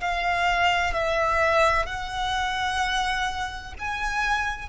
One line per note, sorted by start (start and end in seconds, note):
0.00 0.93 F5
0.93 1.86 E5
1.86 3.73 F#5
3.79 4.69 G#5